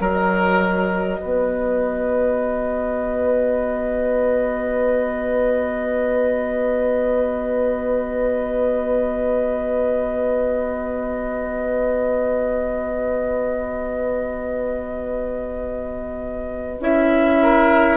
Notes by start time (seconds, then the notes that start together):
0.00 F#3 F#4 A#4 D#5
1.21 B3 B4
16.80 C#4 E4 E5
17.43 A#4